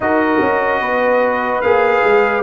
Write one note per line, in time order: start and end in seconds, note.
0.00 0.39 D#4
0.00 1.63 F#4
0.00 0.81 A#4
0.00 1.61 D#5
0.41 0.80 C#4
0.80 1.61 B3
0.80 2.43 B4
1.61 2.03 A#3
1.61 2.43 G#4
1.61 2.42 F5
2.04 2.43 G#3